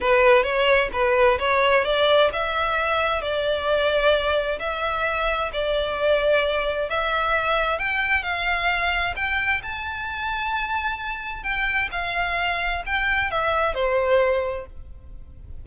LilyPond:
\new Staff \with { instrumentName = "violin" } { \time 4/4 \tempo 4 = 131 b'4 cis''4 b'4 cis''4 | d''4 e''2 d''4~ | d''2 e''2 | d''2. e''4~ |
e''4 g''4 f''2 | g''4 a''2.~ | a''4 g''4 f''2 | g''4 e''4 c''2 | }